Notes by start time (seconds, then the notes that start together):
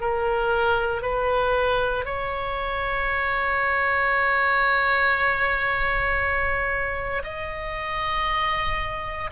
0.00 A#4
1.02 B4
2.05 C#5
7.24 D#5